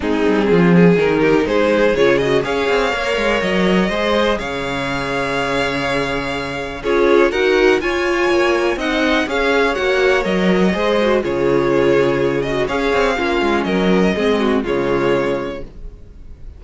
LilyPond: <<
  \new Staff \with { instrumentName = "violin" } { \time 4/4 \tempo 4 = 123 gis'2 ais'4 c''4 | cis''8 dis''8 f''2 dis''4~ | dis''4 f''2.~ | f''2 cis''4 fis''4 |
gis''2 fis''4 f''4 | fis''4 dis''2 cis''4~ | cis''4. dis''8 f''2 | dis''2 cis''2 | }
  \new Staff \with { instrumentName = "violin" } { \time 4/4 dis'4 f'8 gis'4 g'8 gis'4~ | gis'4 cis''2. | c''4 cis''2.~ | cis''2 gis'4 ais'4 |
cis''2 dis''4 cis''4~ | cis''2 c''4 gis'4~ | gis'2 cis''4 f'4 | ais'4 gis'8 fis'8 f'2 | }
  \new Staff \with { instrumentName = "viola" } { \time 4/4 c'2 dis'2 | f'8 fis'8 gis'4 ais'2 | gis'1~ | gis'2 f'4 fis'4 |
f'2 dis'4 gis'4 | fis'4 ais'4 gis'8 fis'8 f'4~ | f'4. fis'8 gis'4 cis'4~ | cis'4 c'4 gis2 | }
  \new Staff \with { instrumentName = "cello" } { \time 4/4 gis8 g8 f4 dis4 gis4 | cis4 cis'8 c'8 ais8 gis8 fis4 | gis4 cis2.~ | cis2 cis'4 dis'4 |
f'4 ais4 c'4 cis'4 | ais4 fis4 gis4 cis4~ | cis2 cis'8 c'8 ais8 gis8 | fis4 gis4 cis2 | }
>>